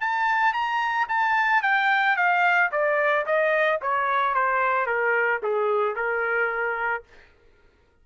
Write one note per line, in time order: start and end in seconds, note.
0.00 0.53 A5
0.53 1.07 A#5
1.08 1.62 A5
1.62 2.16 G5
2.16 2.70 F5
2.71 3.25 D5
3.26 3.80 D#5
3.82 4.34 C#5
4.34 4.86 C5
4.86 5.40 A#4
5.43 5.95 G#4
5.95 7.03 A#4